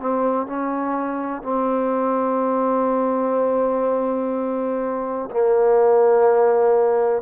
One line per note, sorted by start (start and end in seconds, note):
0.00 0.47 C4
0.47 1.43 C#4
1.43 5.30 C4
5.31 7.22 A#3